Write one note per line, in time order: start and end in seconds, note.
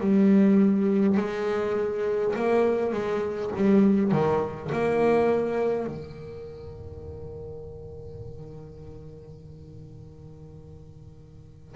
0.00 1.17 G3
1.17 2.35 G#3
2.35 2.92 A#3
2.92 3.51 G#3
3.56 4.11 G3
4.11 4.70 D#3
4.72 5.87 A#3
5.87 11.75 D#3